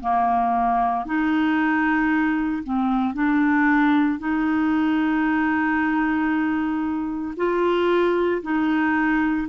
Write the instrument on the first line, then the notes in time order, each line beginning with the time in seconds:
clarinet
0.00 A#3
1.05 D#4
2.63 C4
3.13 D4
4.19 D#4
7.36 F4
8.42 D#4